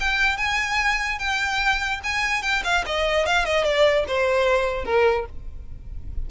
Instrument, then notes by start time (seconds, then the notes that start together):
violin
0.00 G5
0.37 G#5
1.19 G5
2.04 G#5
2.42 G5
2.64 F5
2.86 D#5
3.26 F5
3.45 D#5
3.64 D5
4.07 C5
4.85 A#4